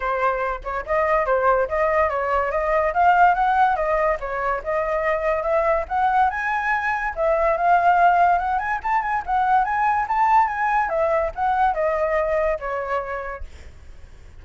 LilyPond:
\new Staff \with { instrumentName = "flute" } { \time 4/4 \tempo 4 = 143 c''4. cis''8 dis''4 c''4 | dis''4 cis''4 dis''4 f''4 | fis''4 dis''4 cis''4 dis''4~ | dis''4 e''4 fis''4 gis''4~ |
gis''4 e''4 f''2 | fis''8 gis''8 a''8 gis''8 fis''4 gis''4 | a''4 gis''4 e''4 fis''4 | dis''2 cis''2 | }